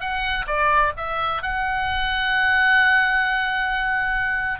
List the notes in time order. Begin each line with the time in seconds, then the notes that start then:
0.00 F#5
0.47 D5
0.97 E5
1.42 F#5